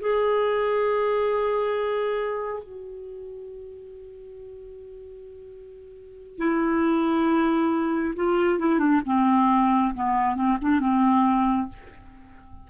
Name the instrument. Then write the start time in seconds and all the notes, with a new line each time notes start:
clarinet
0.00 G#4
2.63 F#4
6.38 E4
8.15 F4
8.59 E4
8.79 D4
9.05 C4
9.94 B3
10.35 C4
10.61 D4
10.80 C4